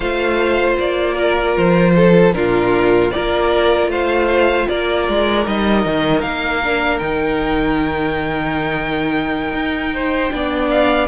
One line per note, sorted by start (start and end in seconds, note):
0.00 0.77 A3
0.00 2.33 F4
0.00 1.14 C5
0.00 0.75 F5
0.79 1.57 A#3
0.79 1.57 D5
1.14 1.92 A#4
1.57 2.33 F3
1.57 2.33 C5
1.96 2.35 A4
2.33 3.11 A#2
2.33 3.11 D4
2.33 3.13 F4
2.33 3.11 A#4
3.11 3.87 A#3
3.11 5.44 F4
3.11 3.90 A#4
3.11 3.89 D5
3.87 4.65 A3
3.87 4.68 C5
3.87 4.68 F5
4.68 5.08 A#3
4.68 9.94 A#4
4.68 5.46 D5
5.08 5.46 G#3
5.44 5.85 G3
5.44 6.61 D#4
5.44 6.21 D#5
5.85 6.22 D#3
6.21 7.00 A#3
6.21 6.98 F5
6.63 7.01 D4
6.98 9.52 D#3
6.98 10.30 D#4
6.98 10.68 G5
9.52 10.30 D#4
9.94 10.33 C5
10.30 11.08 B3
10.30 11.08 D4
10.30 11.08 D5
10.70 11.08 F5